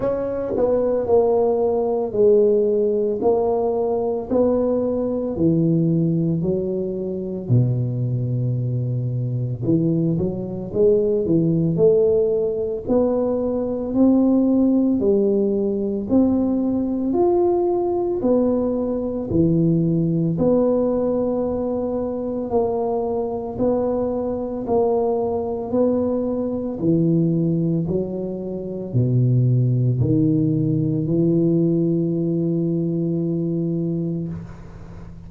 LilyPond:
\new Staff \with { instrumentName = "tuba" } { \time 4/4 \tempo 4 = 56 cis'8 b8 ais4 gis4 ais4 | b4 e4 fis4 b,4~ | b,4 e8 fis8 gis8 e8 a4 | b4 c'4 g4 c'4 |
f'4 b4 e4 b4~ | b4 ais4 b4 ais4 | b4 e4 fis4 b,4 | dis4 e2. | }